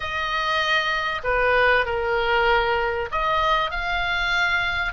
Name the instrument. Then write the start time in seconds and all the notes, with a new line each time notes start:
oboe
0.00 D#5
1.23 B4
1.85 A#4
3.11 D#5
3.71 F5